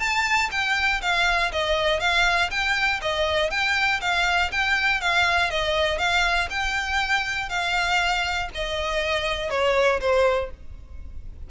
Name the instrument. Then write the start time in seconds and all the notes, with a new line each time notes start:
violin
0.00 A5
0.51 G5
1.02 F5
1.52 D#5
2.00 F5
2.51 G5
3.02 D#5
3.51 G5
4.01 F5
4.52 G5
5.01 F5
5.51 D#5
5.99 F5
6.50 G5
7.49 F5
8.55 D#5
9.50 C#5
10.01 C5